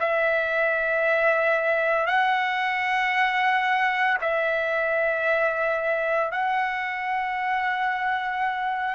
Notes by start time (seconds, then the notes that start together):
0.00 E5
2.07 F#5
4.21 E5
6.32 F#5